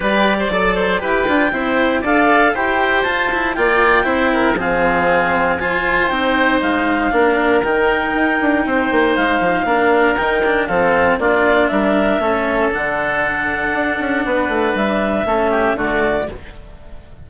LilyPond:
<<
  \new Staff \with { instrumentName = "clarinet" } { \time 4/4 \tempo 4 = 118 d''2 g''2 | f''4 g''4 a''4 g''4~ | g''4 f''2 gis''4 | g''4 f''2 g''4~ |
g''2 f''2 | g''4 f''4 d''4 e''4~ | e''4 fis''2.~ | fis''4 e''2 d''4 | }
  \new Staff \with { instrumentName = "oboe" } { \time 4/4 b'8. c''16 d''8 c''8 b'4 c''4 | d''4 c''2 d''4 | c''8 ais'8 gis'2 c''4~ | c''2 ais'2~ |
ais'4 c''2 ais'4~ | ais'4 a'4 f'4 ais'4 | a'1 | b'2 a'8 g'8 fis'4 | }
  \new Staff \with { instrumentName = "cello" } { \time 4/4 g'4 a'4 g'8 f'8 e'4 | a'4 g'4 f'8 e'8 f'4 | e'4 c'2 f'4 | dis'2 d'4 dis'4~ |
dis'2. d'4 | dis'8 d'8 c'4 d'2 | cis'4 d'2.~ | d'2 cis'4 a4 | }
  \new Staff \with { instrumentName = "bassoon" } { \time 4/4 g4 fis4 e'8 d'8 c'4 | d'4 e'4 f'4 ais4 | c'4 f2. | c'4 gis4 ais4 dis4 |
dis'8 d'8 c'8 ais8 gis8 f8 ais4 | dis4 f4 ais4 g4 | a4 d2 d'8 cis'8 | b8 a8 g4 a4 d4 | }
>>